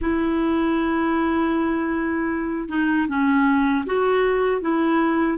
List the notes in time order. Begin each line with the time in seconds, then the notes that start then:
0.01 E4
2.68 D#4
3.08 C#4
3.86 F#4
4.61 E4